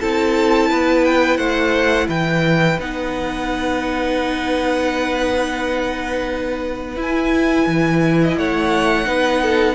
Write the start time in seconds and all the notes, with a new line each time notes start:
0.00 C4 E4 A4 A5
0.69 B3 B4
1.05 G5
1.37 A3 C5 F#5
2.07 E3 B4 G5
2.78 B3 D#4 F#5
6.96 E4 G#5
7.66 E3
8.22 D#5
8.37 A3 C#5 F#5
9.05 B3 D#4 B4
9.42 A4